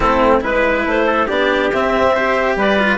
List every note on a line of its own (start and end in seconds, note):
0.00 0.41 A3
0.00 0.40 C4
0.00 0.40 E4
0.00 0.42 A4
0.40 0.86 G#3
0.40 1.26 E4
0.40 1.06 B4
0.40 0.87 B4
0.86 1.29 A3
0.86 1.29 C5
1.06 1.27 A4
1.27 1.72 B3
1.27 1.71 D4
1.27 2.13 G4
1.27 1.72 D5
1.73 2.56 C4
1.73 2.16 C4
1.73 2.58 E5
2.13 2.78 G4
2.13 2.56 C5
2.56 2.98 G3
2.56 2.98 B4
2.56 2.98 D5
2.78 2.98 F4